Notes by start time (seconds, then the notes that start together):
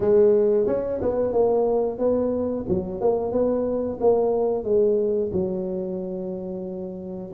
0.00 G#3
0.67 C#4
1.01 B3
1.32 A#3
1.98 B3
2.68 F#3
3.01 A#3
3.32 B3
4.00 A#3
4.64 G#3
5.32 F#3